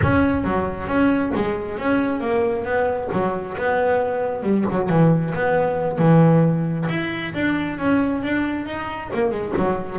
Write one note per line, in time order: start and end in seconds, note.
0.02 0.43 C#4
0.43 0.87 F#3
0.87 1.31 C#4
1.35 1.78 G#3
1.78 2.20 C#4
2.20 2.64 A#3
2.64 3.09 B3
3.12 3.57 F#3
3.57 4.43 B3
4.43 4.65 G3
4.70 4.89 F#3
4.89 5.33 E3
5.34 5.98 B3
5.98 6.87 E3
6.89 7.33 E4
7.34 7.78 D4
7.78 8.22 C#4
8.22 8.65 D4
8.65 9.10 D#4
9.13 9.30 A#3
9.30 9.53 G#3
9.57 9.99 F#3